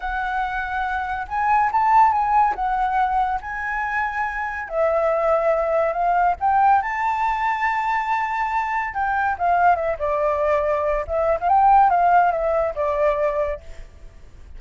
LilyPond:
\new Staff \with { instrumentName = "flute" } { \time 4/4 \tempo 4 = 141 fis''2. gis''4 | a''4 gis''4 fis''2 | gis''2. e''4~ | e''2 f''4 g''4 |
a''1~ | a''4 g''4 f''4 e''8 d''8~ | d''2 e''8. f''16 g''4 | f''4 e''4 d''2 | }